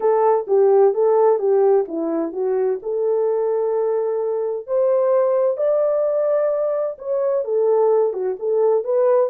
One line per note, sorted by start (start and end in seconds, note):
0.00 0.46 A4
0.47 0.93 G4
0.93 1.38 A4
1.38 1.85 G4
1.88 2.32 E4
2.32 2.79 F#4
2.82 4.67 A4
4.67 5.57 C5
5.57 6.96 D5
6.98 7.44 C#5
7.44 8.13 A4
8.13 8.36 F#4
8.39 8.84 A4
8.84 9.29 B4